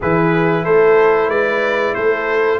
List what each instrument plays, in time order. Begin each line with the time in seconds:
0.00 tuba E3, trombone E4, horn G#4, trumpet B4
0.64 tuba A3, horn A4, trumpet C5
1.29 tuba G#3, horn B4, trumpet D5
1.94 tuba A3, horn A4, trumpet C5